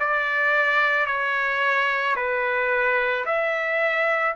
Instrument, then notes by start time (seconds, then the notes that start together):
trumpet
0.00 D5
1.07 C#5
2.16 B4
3.26 E5